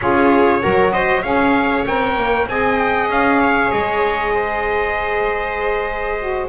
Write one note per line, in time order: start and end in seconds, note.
0.00 0.63 C#4
0.00 0.60 F4
0.00 0.62 G#4
0.00 0.92 C#5
0.60 1.23 F#3
0.60 1.22 F#4
0.60 0.93 A#4
0.92 1.22 C5
0.92 1.22 D#5
1.22 1.85 C#4
1.22 1.86 G#4
1.22 2.45 C#5
1.22 1.84 F5
1.86 2.17 C4
1.86 2.49 A#4
1.86 2.48 G5
2.17 2.47 A#3
2.47 3.09 C4
2.47 6.18 G#4
2.47 3.40 D#5
2.47 2.77 G#5
2.77 3.08 G5
3.09 3.71 C#4
3.09 3.71 F5
3.40 4.33 C#5
3.71 6.49 G#3
3.71 6.49 D#5
4.33 6.49 C5
6.18 6.49 F#4